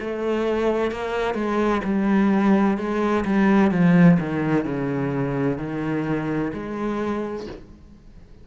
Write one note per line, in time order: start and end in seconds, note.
0.00 0.91 A3
0.91 1.34 A#3
1.34 1.81 G#3
1.84 2.77 G3
2.77 3.24 G#3
3.25 3.71 G3
3.71 4.18 F3
4.19 4.65 D#3
4.65 5.58 C#3
5.58 6.52 D#3
6.53 7.47 G#3